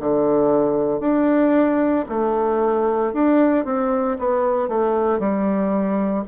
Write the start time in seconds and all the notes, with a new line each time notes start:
0.00 D3
1.00 D4
2.09 A3
3.13 D4
3.65 C4
4.19 B3
4.68 A3
5.19 G3